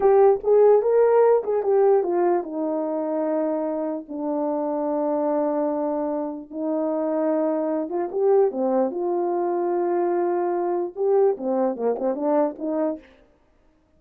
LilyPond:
\new Staff \with { instrumentName = "horn" } { \time 4/4 \tempo 4 = 148 g'4 gis'4 ais'4. gis'8 | g'4 f'4 dis'2~ | dis'2 d'2~ | d'1 |
dis'2.~ dis'8 f'8 | g'4 c'4 f'2~ | f'2. g'4 | c'4 ais8 c'8 d'4 dis'4 | }